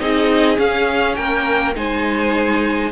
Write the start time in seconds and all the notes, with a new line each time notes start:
0.00 C4 D#4 G#4 D#5
0.57 C#4 F5
1.15 A#3 A#4 G5
1.75 G#3 D#4 C5 G#5